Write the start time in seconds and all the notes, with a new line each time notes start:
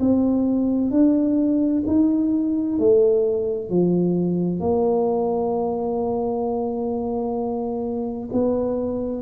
0.00 C4
0.91 D4
1.87 D#4
2.79 A3
3.70 F3
4.60 A#3
8.32 B3